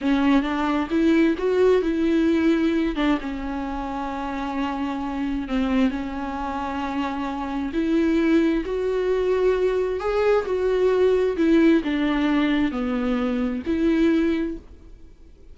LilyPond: \new Staff \with { instrumentName = "viola" } { \time 4/4 \tempo 4 = 132 cis'4 d'4 e'4 fis'4 | e'2~ e'8 d'8 cis'4~ | cis'1 | c'4 cis'2.~ |
cis'4 e'2 fis'4~ | fis'2 gis'4 fis'4~ | fis'4 e'4 d'2 | b2 e'2 | }